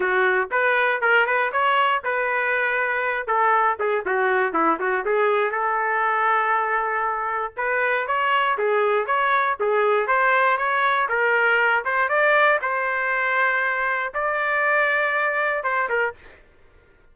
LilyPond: \new Staff \with { instrumentName = "trumpet" } { \time 4/4 \tempo 4 = 119 fis'4 b'4 ais'8 b'8 cis''4 | b'2~ b'8 a'4 gis'8 | fis'4 e'8 fis'8 gis'4 a'4~ | a'2. b'4 |
cis''4 gis'4 cis''4 gis'4 | c''4 cis''4 ais'4. c''8 | d''4 c''2. | d''2. c''8 ais'8 | }